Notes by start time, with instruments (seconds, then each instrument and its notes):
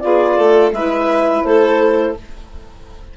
0.00 bassoon B3, saxophone F4, violin G#4, clarinet D5
0.37 bassoon A3, violin A4
0.72 bassoon G#3, saxophone E4, violin B4, clarinet E5
1.43 bassoon A3, violin A4, clarinet C5